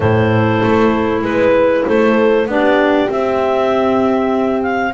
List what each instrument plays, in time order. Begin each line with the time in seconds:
0.00 double bass A2, clarinet E4 C5, horn A4
0.62 double bass A3
1.22 double bass G#3, clarinet B4, horn B4
1.87 double bass A3, horn A4, clarinet C5
2.46 double bass B3, clarinet D4 D5, horn G4
3.08 clarinet C4 E5, double bass C4
4.62 clarinet F5